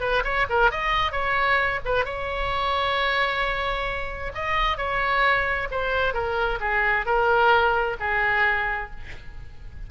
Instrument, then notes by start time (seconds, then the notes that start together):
oboe
0.00 B4
0.24 C#5
0.49 A#4
0.71 D#5
1.12 C#5
1.85 B4
2.05 C#5
4.34 D#5
4.77 C#5
5.71 C5
6.13 A#4
6.60 G#4
7.06 A#4
8.00 G#4